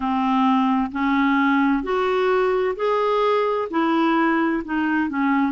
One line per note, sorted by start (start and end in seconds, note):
0.00 0.91 C4
0.91 1.83 C#4
1.83 2.75 F#4
2.76 3.68 G#4
3.70 4.62 E4
4.64 5.09 D#4
5.09 5.52 C#4